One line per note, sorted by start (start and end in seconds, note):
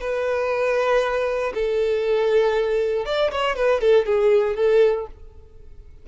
0.00 1.53 B4
1.54 3.05 A4
3.05 3.31 D5
3.31 3.56 C#5
3.56 3.80 B4
3.80 4.05 A4
4.05 4.56 G#4
4.56 5.06 A4